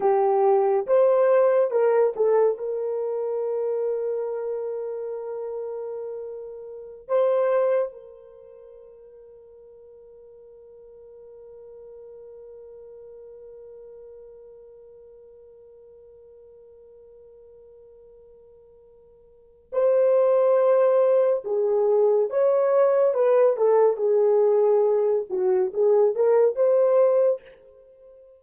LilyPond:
\new Staff \with { instrumentName = "horn" } { \time 4/4 \tempo 4 = 70 g'4 c''4 ais'8 a'8 ais'4~ | ais'1~ | ais'16 c''4 ais'2~ ais'8.~ | ais'1~ |
ais'1~ | ais'2. c''4~ | c''4 gis'4 cis''4 b'8 a'8 | gis'4. fis'8 gis'8 ais'8 c''4 | }